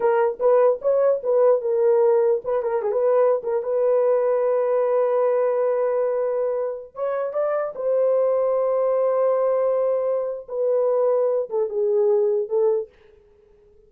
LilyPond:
\new Staff \with { instrumentName = "horn" } { \time 4/4 \tempo 4 = 149 ais'4 b'4 cis''4 b'4 | ais'2 b'8 ais'8 gis'16 b'8.~ | b'8 ais'8 b'2.~ | b'1~ |
b'4~ b'16 cis''4 d''4 c''8.~ | c''1~ | c''2 b'2~ | b'8 a'8 gis'2 a'4 | }